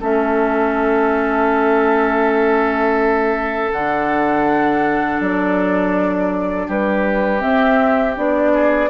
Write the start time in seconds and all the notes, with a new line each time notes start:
0.00 A3 C#4 A4 E5
3.71 D3 D4 F#5
5.20 F#3 D5
6.67 G3 G4 B4
7.38 C4 E5
8.15 B3 D4 D5
8.53 G#4